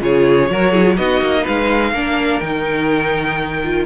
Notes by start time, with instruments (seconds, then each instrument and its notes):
0.00 cello C#3, viola F4, violin G#4 C#5
0.49 cello F#3, viola F#4, violin A#4
0.71 viola E4, violin G#4
0.84 viola F4
0.97 cello B3, viola D#4, violin F#4 D#5
1.21 cello A#3
1.42 cello G#3, violin B4 F5
1.92 cello A#3, viola D4, violin A#4
2.39 cello D#3, viola D#4, violin G5
3.63 viola F4